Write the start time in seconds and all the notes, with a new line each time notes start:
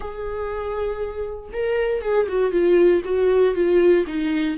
0.00 G#4
1.52 A#4
2.01 G#4
2.28 F#4
2.51 F4
3.04 F#4
3.54 F4
4.06 D#4